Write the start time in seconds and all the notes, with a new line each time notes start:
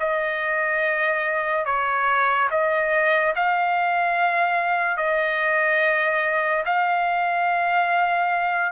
0.00 D#5
1.66 C#5
2.51 D#5
3.36 F5
4.97 D#5
6.66 F5